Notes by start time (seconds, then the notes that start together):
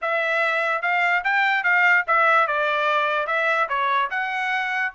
0.01 E5
0.82 F5
1.24 G5
1.63 F5
2.07 E5
2.47 D5
3.26 E5
3.69 C#5
4.10 F#5